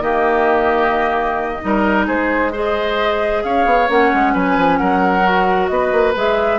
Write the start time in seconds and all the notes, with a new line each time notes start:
0.00 D#3 A#3 G4 D#5
1.61 G3 D#4 A#4
2.07 G#3 G#4 C5
2.52 G#4 C5 D#5
3.43 C#4 C#5 F5
3.66 B3
3.88 A#3 C#4 F#5
4.14 G#3
4.34 F#3 B4 G#5
4.57 F3
4.77 F#3 A#4 F#5
5.23 F#4
5.67 B3 B4 D#5
5.92 A#3
6.15 G#3 G#4 E5